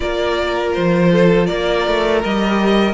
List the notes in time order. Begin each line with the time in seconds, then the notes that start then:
0.00 A#3 F4 A#4 D5
0.73 F3 C5
1.11 A4
1.46 A#3 A#4 D5
1.86 A3
2.24 G3 G4 D#5